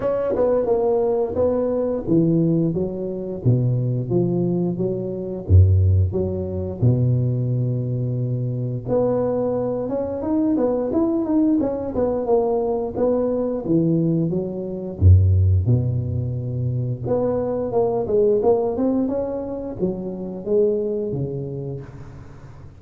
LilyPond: \new Staff \with { instrumentName = "tuba" } { \time 4/4 \tempo 4 = 88 cis'8 b8 ais4 b4 e4 | fis4 b,4 f4 fis4 | fis,4 fis4 b,2~ | b,4 b4. cis'8 dis'8 b8 |
e'8 dis'8 cis'8 b8 ais4 b4 | e4 fis4 fis,4 b,4~ | b,4 b4 ais8 gis8 ais8 c'8 | cis'4 fis4 gis4 cis4 | }